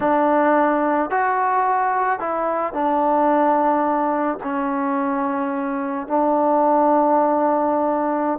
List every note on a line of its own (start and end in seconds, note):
0.00 1.10 D4
1.10 2.19 F#4
2.19 2.73 E4
2.73 4.38 D4
4.43 6.07 C#4
6.07 8.39 D4